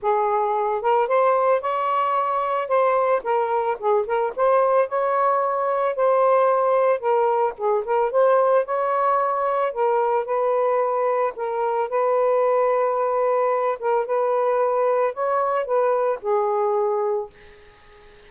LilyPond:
\new Staff \with { instrumentName = "saxophone" } { \time 4/4 \tempo 4 = 111 gis'4. ais'8 c''4 cis''4~ | cis''4 c''4 ais'4 gis'8 ais'8 | c''4 cis''2 c''4~ | c''4 ais'4 gis'8 ais'8 c''4 |
cis''2 ais'4 b'4~ | b'4 ais'4 b'2~ | b'4. ais'8 b'2 | cis''4 b'4 gis'2 | }